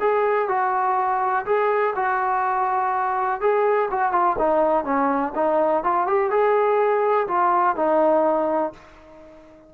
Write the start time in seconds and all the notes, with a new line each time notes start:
0.00 G#4
0.48 F#4
1.46 G#4
1.96 F#4
3.41 G#4
3.91 F#4
4.12 F4
4.39 D#4
4.85 C#4
5.35 D#4
5.84 F4
6.07 G4
6.30 G#4
7.28 F4
7.76 D#4